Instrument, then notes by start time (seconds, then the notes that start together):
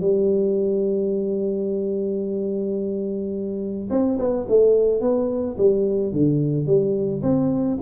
tuba
0.00 G3
3.90 C4
4.18 B3
4.48 A3
5.00 B3
5.57 G3
6.12 D3
6.66 G3
7.22 C4